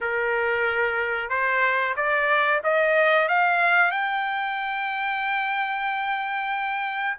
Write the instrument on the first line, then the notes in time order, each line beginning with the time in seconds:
trumpet
0.00 A#4
1.29 C5
1.96 D5
2.63 D#5
3.28 F5
3.91 G5